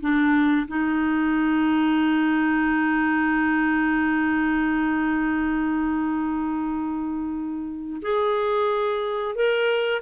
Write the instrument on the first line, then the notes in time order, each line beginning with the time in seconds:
clarinet
0.00 D4
0.68 D#4
8.02 G#4
9.35 A#4